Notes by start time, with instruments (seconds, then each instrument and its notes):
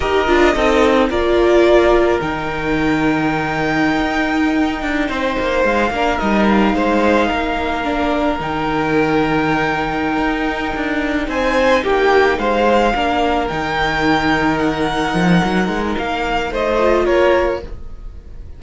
0.00 cello D#4, viola G4, violin A#4 D#5
0.26 cello D4, viola F4
0.55 cello C4, viola D#4, violin A4
1.09 cello A#3, viola F4, violin A#4 D5
2.20 cello D#3, viola D#4, violin G5
4.01 cello D#4
4.81 cello D4
5.08 cello C4, violin C5
5.39 cello A#3
5.63 cello G#3, violin F5
5.90 cello A#3, viola D4, violin A#4
6.18 cello G3, viola D#4, violin D#5
6.48 violin F5
6.74 cello G#3, violin C5
7.27 cello A#3, violin A#4
7.83 viola D4
8.39 cello D#3, viola D#4, violin G5
10.17 cello D#4
10.75 cello D4
11.27 cello C4, violin C5 G#5
11.83 cello A#3, violin G4 G5
12.38 cello G#3, violin C5 F5
12.94 cello A#3, viola D4, violin A#4
13.47 cello D#3, viola D#4, violin G5
14.58 violin F#5
15.13 cello F3
15.44 cello F#3
15.68 cello G#3
15.97 cello A#3, violin F5
16.51 cello A3, violin C5 D#5
16.78 viola F4
17.04 cello A#3, violin A#4 C#5